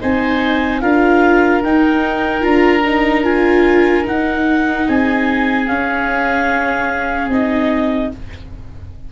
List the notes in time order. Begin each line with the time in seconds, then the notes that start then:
0.00 C4 D#4 C5 G#5
0.80 D4 F4 A#4 F5
1.63 D#4 G5
2.41 D4 F4 A#5
2.85 D#4
3.23 F4 G#5
4.04 D#4 F#5
4.87 C4 G#4 G#5
5.67 C#4 F5
7.28 C4 D#4 D#5